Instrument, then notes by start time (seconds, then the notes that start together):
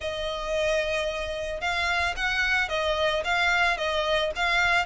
violin
0.00 D#5
1.60 F5
2.16 F#5
2.69 D#5
3.24 F5
3.77 D#5
4.35 F5